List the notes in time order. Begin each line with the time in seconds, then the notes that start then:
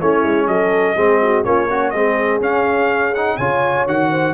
0.00 A3 C#4 E4 C#5
0.23 G#3
0.47 F#3 A4 D#5
0.96 G#3 C4 G#4
1.22 F#4
1.44 A#3 C#4 F4 C#5
1.69 C#4 F#4
1.90 G#3 C4 G#4 D#5
2.40 C#4 F5
3.15 D#4 F#5
3.37 C#3 F4 C#5 G#5
3.87 D#3 F#4 F#5
4.11 C5